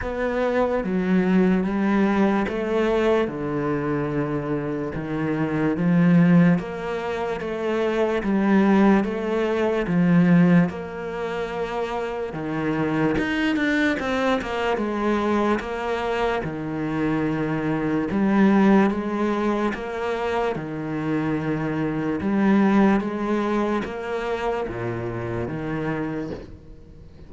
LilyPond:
\new Staff \with { instrumentName = "cello" } { \time 4/4 \tempo 4 = 73 b4 fis4 g4 a4 | d2 dis4 f4 | ais4 a4 g4 a4 | f4 ais2 dis4 |
dis'8 d'8 c'8 ais8 gis4 ais4 | dis2 g4 gis4 | ais4 dis2 g4 | gis4 ais4 ais,4 dis4 | }